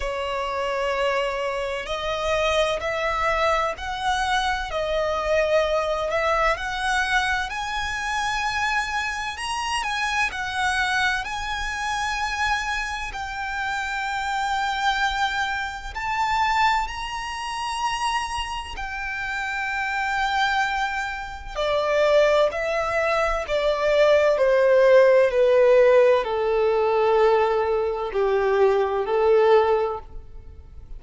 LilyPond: \new Staff \with { instrumentName = "violin" } { \time 4/4 \tempo 4 = 64 cis''2 dis''4 e''4 | fis''4 dis''4. e''8 fis''4 | gis''2 ais''8 gis''8 fis''4 | gis''2 g''2~ |
g''4 a''4 ais''2 | g''2. d''4 | e''4 d''4 c''4 b'4 | a'2 g'4 a'4 | }